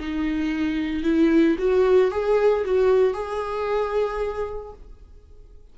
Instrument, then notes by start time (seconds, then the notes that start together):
viola
0.00 D#4
1.04 E4
1.59 F#4
2.12 G#4
2.65 F#4
3.14 G#4